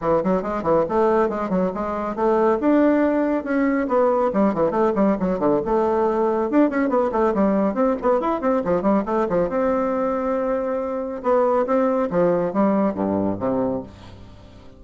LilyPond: \new Staff \with { instrumentName = "bassoon" } { \time 4/4 \tempo 4 = 139 e8 fis8 gis8 e8 a4 gis8 fis8 | gis4 a4 d'2 | cis'4 b4 g8 e8 a8 g8 | fis8 d8 a2 d'8 cis'8 |
b8 a8 g4 c'8 b8 e'8 c'8 | f8 g8 a8 f8 c'2~ | c'2 b4 c'4 | f4 g4 g,4 c4 | }